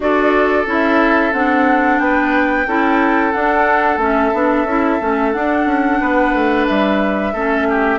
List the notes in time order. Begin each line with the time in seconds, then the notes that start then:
0.00 D4 F#4 A4 D5
0.66 C#4 E4 E5
1.32 C4 D4 F#5
1.99 B3 B4 G5
2.67 C#4 E4 A4
3.32 D4 F#5
3.97 A3 C#4 E5
4.33 B3 D4
4.64 C#4 E4
5.00 A3 C#4
5.32 D4 F#5
5.65 C#4
6.01 B3 B4
6.33 A3
6.66 G3 E5
7.33 A3 C#4 A4
7.69 G4